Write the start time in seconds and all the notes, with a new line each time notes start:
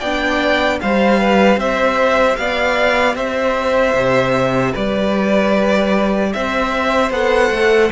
0.00 B3 D4 D5 G5
0.81 G3 G4 C5 F5
1.20 B4
1.57 C4 C5 E5
2.36 B3 D5 F5
3.15 C4 C5 E5
3.94 C3
4.72 G3 B4 D5
6.33 C4 C5 E5
7.11 B3 A4 F#5
7.50 A3